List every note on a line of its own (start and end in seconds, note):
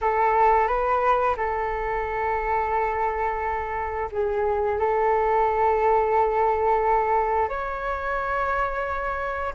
0.01 0.67 A4
0.67 1.35 B4
1.36 4.09 A4
4.11 4.79 G#4
4.79 7.48 A4
7.48 9.53 C#5